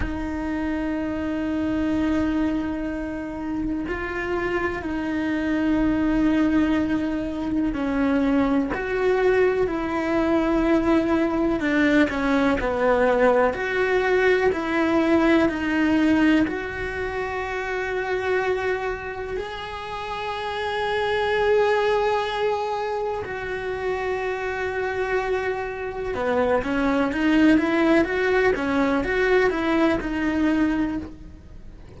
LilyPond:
\new Staff \with { instrumentName = "cello" } { \time 4/4 \tempo 4 = 62 dis'1 | f'4 dis'2. | cis'4 fis'4 e'2 | d'8 cis'8 b4 fis'4 e'4 |
dis'4 fis'2. | gis'1 | fis'2. b8 cis'8 | dis'8 e'8 fis'8 cis'8 fis'8 e'8 dis'4 | }